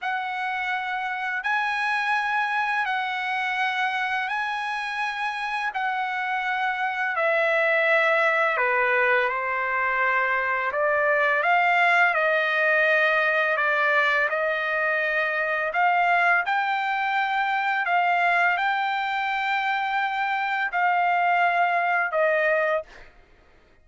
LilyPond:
\new Staff \with { instrumentName = "trumpet" } { \time 4/4 \tempo 4 = 84 fis''2 gis''2 | fis''2 gis''2 | fis''2 e''2 | b'4 c''2 d''4 |
f''4 dis''2 d''4 | dis''2 f''4 g''4~ | g''4 f''4 g''2~ | g''4 f''2 dis''4 | }